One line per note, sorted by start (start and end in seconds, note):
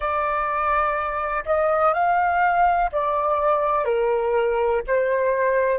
0.00 1.43 D5
1.45 1.94 D#5
1.94 2.90 F5
2.92 3.84 D5
3.84 4.81 A#4
4.87 5.78 C5